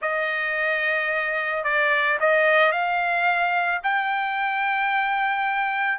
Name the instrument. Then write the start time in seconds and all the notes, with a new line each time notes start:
trumpet
0.01 D#5
1.63 D5
2.20 D#5
2.71 F5
3.83 G5